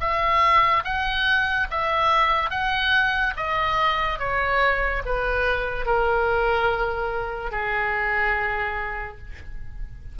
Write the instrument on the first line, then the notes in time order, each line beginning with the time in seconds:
oboe
0.00 E5
0.84 F#5
1.71 E5
2.50 F#5
3.37 D#5
4.19 C#5
5.06 B4
5.86 A#4
7.52 G#4